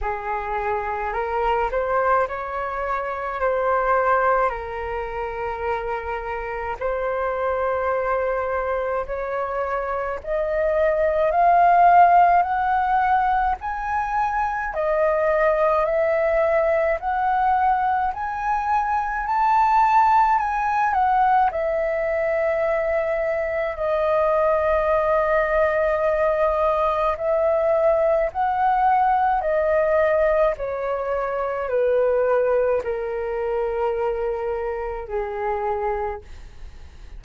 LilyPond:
\new Staff \with { instrumentName = "flute" } { \time 4/4 \tempo 4 = 53 gis'4 ais'8 c''8 cis''4 c''4 | ais'2 c''2 | cis''4 dis''4 f''4 fis''4 | gis''4 dis''4 e''4 fis''4 |
gis''4 a''4 gis''8 fis''8 e''4~ | e''4 dis''2. | e''4 fis''4 dis''4 cis''4 | b'4 ais'2 gis'4 | }